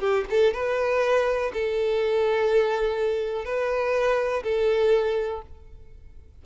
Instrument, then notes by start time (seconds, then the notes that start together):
violin
0.00 G4
0.30 A4
0.53 B4
1.53 A4
3.45 B4
4.44 A4